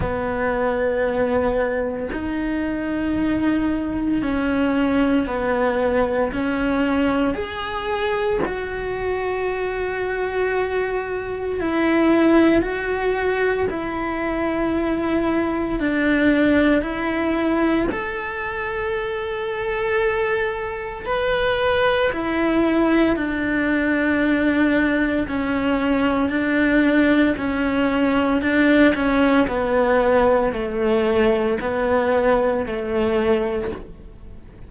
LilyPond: \new Staff \with { instrumentName = "cello" } { \time 4/4 \tempo 4 = 57 b2 dis'2 | cis'4 b4 cis'4 gis'4 | fis'2. e'4 | fis'4 e'2 d'4 |
e'4 a'2. | b'4 e'4 d'2 | cis'4 d'4 cis'4 d'8 cis'8 | b4 a4 b4 a4 | }